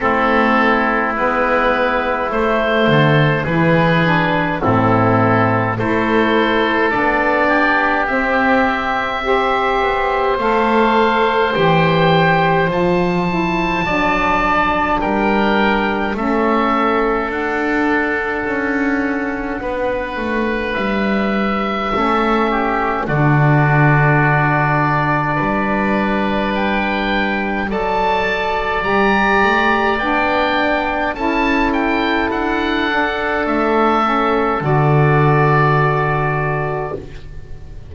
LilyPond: <<
  \new Staff \with { instrumentName = "oboe" } { \time 4/4 \tempo 4 = 52 a'4 b'4 c''4 b'4 | a'4 c''4 d''4 e''4~ | e''4 f''4 g''4 a''4~ | a''4 g''4 e''4 fis''4~ |
fis''2 e''2 | d''2. g''4 | a''4 ais''4 g''4 a''8 g''8 | fis''4 e''4 d''2 | }
  \new Staff \with { instrumentName = "oboe" } { \time 4/4 e'2~ e'8 a'8 gis'4 | e'4 a'4. g'4. | c''1 | d''4 ais'4 a'2~ |
a'4 b'2 a'8 g'8 | fis'2 b'2 | d''2. a'4~ | a'1 | }
  \new Staff \with { instrumentName = "saxophone" } { \time 4/4 c'4 b4 a4 e'8 d'8 | c'4 e'4 d'4 c'4 | g'4 a'4 g'4 f'8 e'8 | d'2 cis'4 d'4~ |
d'2. cis'4 | d'1 | a'4 g'4 d'4 e'4~ | e'8 d'4 cis'8 fis'2 | }
  \new Staff \with { instrumentName = "double bass" } { \time 4/4 a4 gis4 a8 d8 e4 | a,4 a4 b4 c'4~ | c'8 b8 a4 e4 f4 | fis4 g4 a4 d'4 |
cis'4 b8 a8 g4 a4 | d2 g2 | fis4 g8 a8 b4 cis'4 | d'4 a4 d2 | }
>>